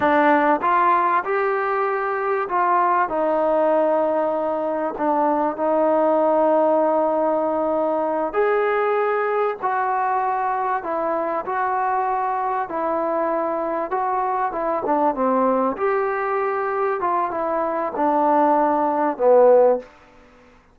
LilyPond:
\new Staff \with { instrumentName = "trombone" } { \time 4/4 \tempo 4 = 97 d'4 f'4 g'2 | f'4 dis'2. | d'4 dis'2.~ | dis'4. gis'2 fis'8~ |
fis'4. e'4 fis'4.~ | fis'8 e'2 fis'4 e'8 | d'8 c'4 g'2 f'8 | e'4 d'2 b4 | }